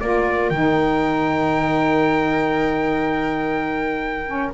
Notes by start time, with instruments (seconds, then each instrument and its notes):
0.00 double bass A#3, saxophone F4, viola A#4, trumpet D5
0.50 double bass D#3, saxophone D#4, trumpet G5
4.26 saxophone C#4